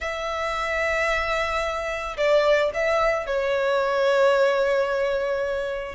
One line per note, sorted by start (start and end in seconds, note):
0.00 2.16 E5
2.17 2.71 D5
2.74 3.26 E5
3.26 5.95 C#5